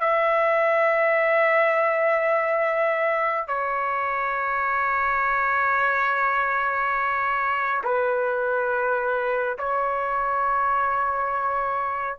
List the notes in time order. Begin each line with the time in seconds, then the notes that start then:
0.00 E5
3.48 C#5
7.83 B4
9.58 C#5